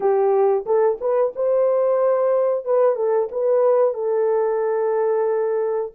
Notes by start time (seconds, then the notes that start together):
0.00 G4
0.66 A4
1.00 B4
1.35 C5
2.64 B4
2.95 A4
3.31 B4
3.94 A4